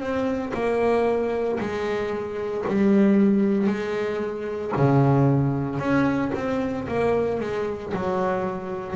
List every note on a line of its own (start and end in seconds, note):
0.00 0.53 C4
0.54 1.59 A#3
1.60 2.65 G#3
2.68 3.67 G3
3.67 4.72 G#3
4.77 5.79 C#3
5.79 6.32 C#4
6.34 6.87 C4
6.88 7.40 A#3
7.40 7.93 G#3
7.94 8.96 F#3